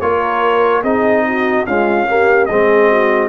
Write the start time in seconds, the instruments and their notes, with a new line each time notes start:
0.00 tuba A#3, trombone F4, horn A#4, trumpet C#5
0.82 tuba C4, trombone D#4, horn G#4, trumpet D#5
1.27 horn F#4
1.66 trombone G#3, tuba C#4, horn F4, trumpet F5
2.07 trombone A#3, horn G4
2.46 tuba G#3, trombone C4, horn G#4, trumpet D#5
2.89 horn F#4